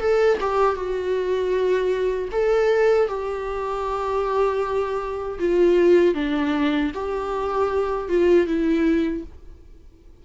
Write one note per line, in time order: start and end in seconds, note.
0.00 0.38 A4
0.41 0.76 G4
0.76 2.29 F#4
2.33 3.08 A4
3.08 5.39 G4
5.40 6.15 F4
6.15 6.92 D4
6.95 8.09 G4
8.09 8.47 F4
8.47 9.24 E4